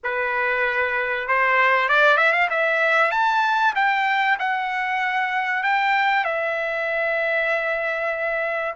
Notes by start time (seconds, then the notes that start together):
0.03 B4
1.28 C5
1.88 D5
2.17 E5
2.33 F5
2.50 E5
3.11 A5
3.75 G5
4.39 F#5
5.63 G5
6.24 E5